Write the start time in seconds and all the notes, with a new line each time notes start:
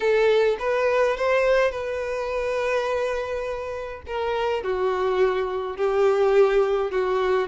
0.00 A4
0.59 B4
1.16 C5
1.71 B4
4.06 A#4
4.63 F#4
5.76 G4
6.91 F#4